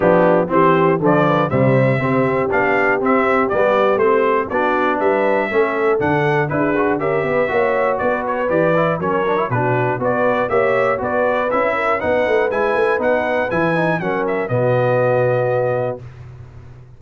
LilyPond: <<
  \new Staff \with { instrumentName = "trumpet" } { \time 4/4 \tempo 4 = 120 g'4 c''4 d''4 e''4~ | e''4 f''4 e''4 d''4 | c''4 d''4 e''2 | fis''4 b'4 e''2 |
d''8 cis''8 d''4 cis''4 b'4 | d''4 e''4 d''4 e''4 | fis''4 gis''4 fis''4 gis''4 | fis''8 e''8 dis''2. | }
  \new Staff \with { instrumentName = "horn" } { \time 4/4 d'4 g'4 a'8 b'8 c''4 | g'1~ | g'4 fis'4 b'4 a'4~ | a'4 gis'4 ais'8 b'8 cis''4 |
b'2 ais'4 fis'4 | b'4 cis''4 b'4. ais'8 | b'1 | ais'4 fis'2. | }
  \new Staff \with { instrumentName = "trombone" } { \time 4/4 b4 c'4 f4 g4 | c'4 d'4 c'4 b4 | c'4 d'2 cis'4 | d'4 e'8 fis'8 g'4 fis'4~ |
fis'4 g'8 e'8 cis'8 d'16 e'16 d'4 | fis'4 g'4 fis'4 e'4 | dis'4 e'4 dis'4 e'8 dis'8 | cis'4 b2. | }
  \new Staff \with { instrumentName = "tuba" } { \time 4/4 f4 e4 d4 c4 | c'4 b4 c'4 g4 | a4 b4 g4 a4 | d4 d'4 cis'8 b8 ais4 |
b4 e4 fis4 b,4 | b4 ais4 b4 cis'4 | b8 a8 gis8 a8 b4 e4 | fis4 b,2. | }
>>